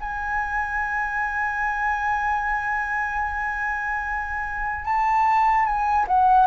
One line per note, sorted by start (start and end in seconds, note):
0.00 4.85 G#5
4.85 5.66 A5
5.66 6.06 G#5
6.08 6.47 F#5